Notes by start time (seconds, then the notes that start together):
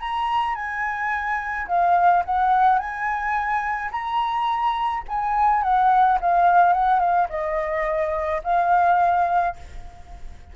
0.00 A#5
0.55 G#5
1.67 F5
2.25 F#5
2.78 G#5
3.91 A#5
5.08 G#5
5.63 F#5
6.20 F5
6.73 F#5
6.99 F5
7.29 D#5
8.43 F5